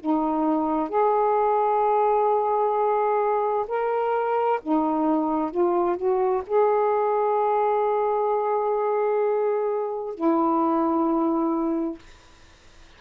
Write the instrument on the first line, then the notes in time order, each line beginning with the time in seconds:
saxophone
0.00 D#4
0.89 G#4
3.68 A#4
4.63 D#4
5.51 F4
5.97 F#4
6.47 G#4
10.15 E4